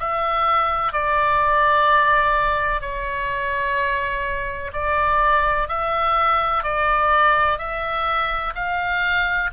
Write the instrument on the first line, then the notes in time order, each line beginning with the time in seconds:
oboe
0.00 E5
0.93 D5
2.81 C#5
4.74 D5
5.69 E5
6.64 D5
7.59 E5
8.55 F5